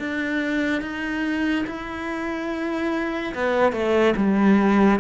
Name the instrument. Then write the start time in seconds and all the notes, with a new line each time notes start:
cello
0.00 D4
0.82 D#4
1.67 E4
3.35 B3
3.73 A3
4.17 G3